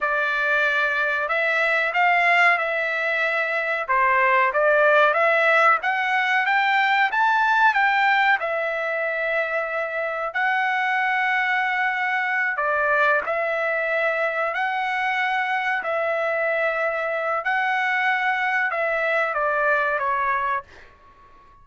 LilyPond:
\new Staff \with { instrumentName = "trumpet" } { \time 4/4 \tempo 4 = 93 d''2 e''4 f''4 | e''2 c''4 d''4 | e''4 fis''4 g''4 a''4 | g''4 e''2. |
fis''2.~ fis''8 d''8~ | d''8 e''2 fis''4.~ | fis''8 e''2~ e''8 fis''4~ | fis''4 e''4 d''4 cis''4 | }